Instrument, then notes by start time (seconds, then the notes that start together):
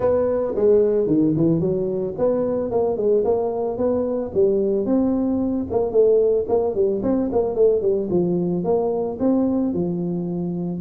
tuba
0.00 B3
0.55 G#3
1.07 D#3
1.36 E3
1.60 F#3
2.17 B3
2.70 A#3
2.96 G#3
3.24 A#3
3.77 B3
4.34 G3
4.85 C4
5.70 A#3
5.91 A3
6.48 A#3
6.74 G3
7.03 C4
7.32 A#3
7.55 A3
7.81 G3
8.09 F3
8.64 A#3
9.19 C4
9.73 F3